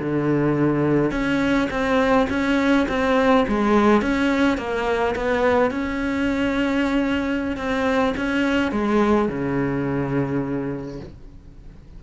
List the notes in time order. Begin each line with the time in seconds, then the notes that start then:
0.00 D3
1.12 C#4
1.71 C4
2.30 C#4
2.89 C4
3.48 G#3
4.02 C#4
4.58 A#3
5.16 B3
5.71 C#4
7.57 C4
8.17 C#4
8.72 G#3
9.29 C#3